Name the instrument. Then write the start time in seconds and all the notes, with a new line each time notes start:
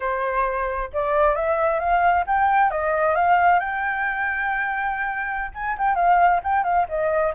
flute
0.00 C5
0.93 D5
1.35 E5
1.79 F5
2.26 G5
2.70 D#5
3.15 F5
3.59 G5
5.54 G#5
5.77 G5
5.95 F5
6.43 G5
6.63 F5
6.88 D#5